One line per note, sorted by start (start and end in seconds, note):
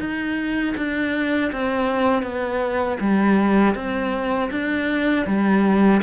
0.00 0.75 D#4
0.77 1.52 D4
1.53 2.23 C4
2.23 2.98 B3
3.01 3.76 G3
3.76 4.51 C4
4.52 5.27 D4
5.27 6.02 G3